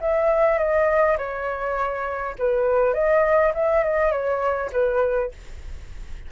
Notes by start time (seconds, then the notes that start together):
0.00 E5
0.58 D#5
1.18 C#5
2.38 B4
2.93 D#5
3.54 E5
3.83 D#5
4.11 C#5
4.72 B4